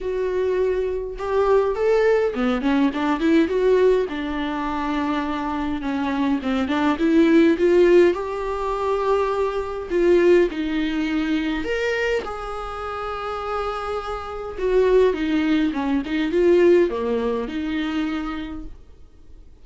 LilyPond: \new Staff \with { instrumentName = "viola" } { \time 4/4 \tempo 4 = 103 fis'2 g'4 a'4 | b8 cis'8 d'8 e'8 fis'4 d'4~ | d'2 cis'4 c'8 d'8 | e'4 f'4 g'2~ |
g'4 f'4 dis'2 | ais'4 gis'2.~ | gis'4 fis'4 dis'4 cis'8 dis'8 | f'4 ais4 dis'2 | }